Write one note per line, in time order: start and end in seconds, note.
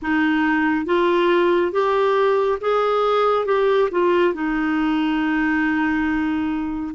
0.02 0.85 D#4
0.85 1.72 F4
1.72 2.58 G4
2.60 3.45 G#4
3.45 3.89 G4
3.91 4.34 F4
4.34 6.94 D#4